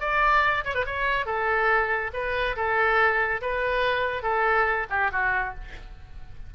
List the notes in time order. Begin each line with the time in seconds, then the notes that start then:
0.00 D5
0.64 C#5
0.74 B4
0.86 C#5
1.26 A4
2.13 B4
2.56 A4
3.41 B4
4.22 A4
4.90 G4
5.12 F#4